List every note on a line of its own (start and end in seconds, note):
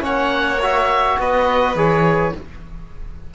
0.00 1.17 A#3
0.00 0.57 C#4
0.00 1.17 C#5
0.00 0.61 F#5
0.61 1.76 F#4
0.61 1.20 E5
1.18 1.75 B3
1.18 2.34 B4
1.18 1.76 D#5
1.75 2.32 E3
1.75 2.33 G#4
1.75 2.34 C#5